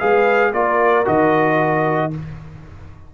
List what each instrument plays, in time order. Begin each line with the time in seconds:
0.00 tuba G#3, trombone G#4, horn B4, trumpet F5
0.51 tuba A#3, trombone F4, horn A#4, trumpet D5
1.05 tuba D#3, trombone F#4, trumpet D#5